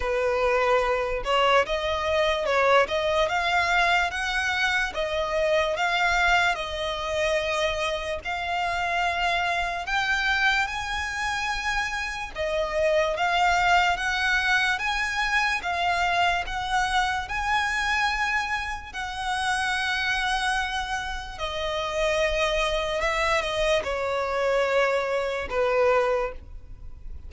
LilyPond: \new Staff \with { instrumentName = "violin" } { \time 4/4 \tempo 4 = 73 b'4. cis''8 dis''4 cis''8 dis''8 | f''4 fis''4 dis''4 f''4 | dis''2 f''2 | g''4 gis''2 dis''4 |
f''4 fis''4 gis''4 f''4 | fis''4 gis''2 fis''4~ | fis''2 dis''2 | e''8 dis''8 cis''2 b'4 | }